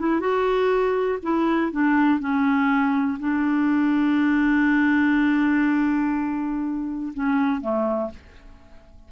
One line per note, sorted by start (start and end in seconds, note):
0.00 0.21 E4
0.21 1.19 F#4
1.23 1.72 E4
1.72 2.20 D4
2.20 3.19 C#4
3.20 7.13 D4
7.14 7.61 C#4
7.61 8.11 A3